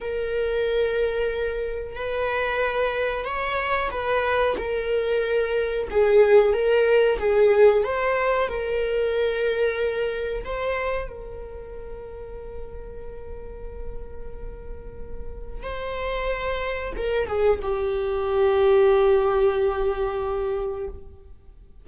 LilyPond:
\new Staff \with { instrumentName = "viola" } { \time 4/4 \tempo 4 = 92 ais'2. b'4~ | b'4 cis''4 b'4 ais'4~ | ais'4 gis'4 ais'4 gis'4 | c''4 ais'2. |
c''4 ais'2.~ | ais'1 | c''2 ais'8 gis'8 g'4~ | g'1 | }